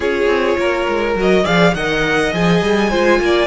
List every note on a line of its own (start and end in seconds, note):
0.00 0.26 C#4
0.00 1.17 F4
0.00 0.57 G#4
0.00 1.17 C#5
0.26 0.55 C4
0.57 0.87 A#3
0.57 1.43 A#4
0.88 1.14 G#3
1.14 1.44 F#3
1.14 1.44 F#4
1.14 1.45 D#5
1.43 1.74 F3
1.43 1.73 G#4
1.43 1.72 D5
1.43 1.74 F5
1.74 2.32 D#3
1.74 2.32 A#4
1.74 2.90 D#5
1.74 2.32 F#5
2.32 2.62 F3
2.32 2.90 G#4
2.32 3.47 G#5
2.62 2.91 G3
2.90 3.19 G#3
2.90 3.47 F4
2.90 3.19 C5
3.19 3.47 A#3
3.19 3.47 D5